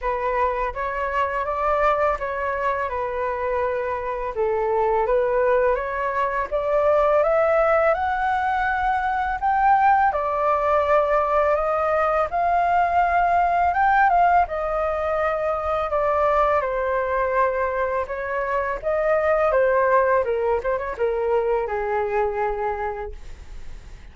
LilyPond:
\new Staff \with { instrumentName = "flute" } { \time 4/4 \tempo 4 = 83 b'4 cis''4 d''4 cis''4 | b'2 a'4 b'4 | cis''4 d''4 e''4 fis''4~ | fis''4 g''4 d''2 |
dis''4 f''2 g''8 f''8 | dis''2 d''4 c''4~ | c''4 cis''4 dis''4 c''4 | ais'8 c''16 cis''16 ais'4 gis'2 | }